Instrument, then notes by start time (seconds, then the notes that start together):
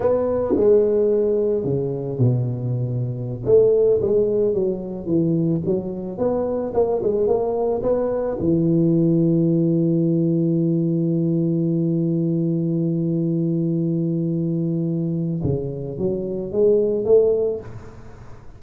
tuba
0.00 B3
0.56 G#3
1.64 C#3
2.18 B2
3.45 A3
4.01 G#3
4.53 F#3
5.06 E3
5.65 F#3
6.18 B3
6.74 A#3
7.03 G#3
7.27 A#3
7.82 B3
8.39 E3
15.43 C#3
15.98 F#3
16.51 G#3
17.05 A3